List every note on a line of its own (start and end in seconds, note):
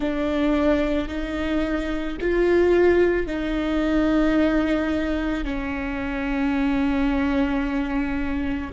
0.00 1.08 D4
1.08 2.17 D#4
2.21 3.27 F4
3.27 5.44 D#4
5.44 8.71 C#4